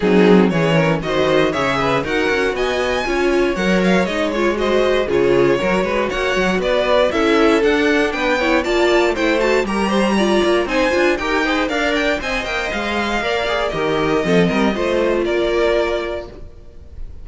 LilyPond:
<<
  \new Staff \with { instrumentName = "violin" } { \time 4/4 \tempo 4 = 118 gis'4 cis''4 dis''4 e''4 | fis''4 gis''2 fis''8 f''8 | dis''8 cis''8 dis''4 cis''2 | fis''4 d''4 e''4 fis''4 |
g''4 a''4 g''8 a''8 ais''4~ | ais''4 gis''4 g''4 f''8 g''8 | gis''8 g''8 f''2 dis''4~ | dis''2 d''2 | }
  \new Staff \with { instrumentName = "violin" } { \time 4/4 dis'4 gis'8 ais'8 c''4 cis''8 b'8 | ais'4 dis''4 cis''2~ | cis''4 c''4 gis'4 ais'8 b'8 | cis''4 b'4 a'2 |
b'8 cis''8 d''4 c''4 ais'8 c''8 | d''4 c''4 ais'8 c''8 d''4 | dis''2 d''4 ais'4 | a'8 ais'8 c''4 ais'2 | }
  \new Staff \with { instrumentName = "viola" } { \time 4/4 c'4 cis'4 fis'4 gis'4 | fis'2 f'4 ais'4 | dis'8 f'8 fis'4 f'4 fis'4~ | fis'2 e'4 d'4~ |
d'8 e'8 f'4 e'8 fis'8 g'4 | f'4 dis'8 f'8 g'8 gis'8 ais'4 | c''2 ais'8 gis'8 g'4 | c'4 f'2. | }
  \new Staff \with { instrumentName = "cello" } { \time 4/4 fis4 e4 dis4 cis4 | dis'8 cis'8 b4 cis'4 fis4 | gis2 cis4 fis8 gis8 | ais8 fis8 b4 cis'4 d'4 |
b4 ais4 a4 g4~ | g8 ais8 c'8 d'8 dis'4 d'4 | c'8 ais8 gis4 ais4 dis4 | f8 g8 a4 ais2 | }
>>